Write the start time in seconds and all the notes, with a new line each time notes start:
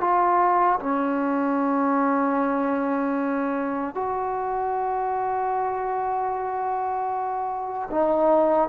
0.00 F4
0.79 C#4
3.94 F#4
7.91 D#4